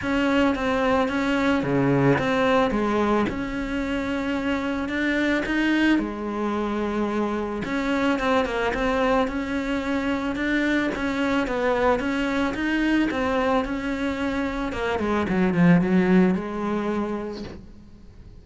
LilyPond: \new Staff \with { instrumentName = "cello" } { \time 4/4 \tempo 4 = 110 cis'4 c'4 cis'4 cis4 | c'4 gis4 cis'2~ | cis'4 d'4 dis'4 gis4~ | gis2 cis'4 c'8 ais8 |
c'4 cis'2 d'4 | cis'4 b4 cis'4 dis'4 | c'4 cis'2 ais8 gis8 | fis8 f8 fis4 gis2 | }